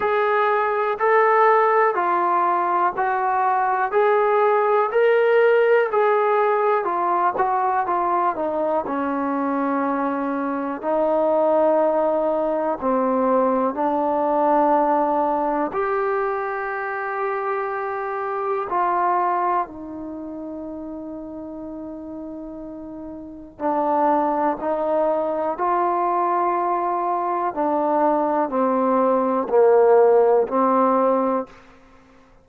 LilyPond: \new Staff \with { instrumentName = "trombone" } { \time 4/4 \tempo 4 = 61 gis'4 a'4 f'4 fis'4 | gis'4 ais'4 gis'4 f'8 fis'8 | f'8 dis'8 cis'2 dis'4~ | dis'4 c'4 d'2 |
g'2. f'4 | dis'1 | d'4 dis'4 f'2 | d'4 c'4 ais4 c'4 | }